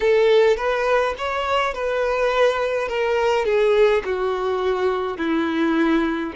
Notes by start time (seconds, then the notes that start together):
0.00 A4
0.56 B4
1.18 C#5
1.73 B4
2.88 A#4
3.45 G#4
4.04 F#4
5.17 E4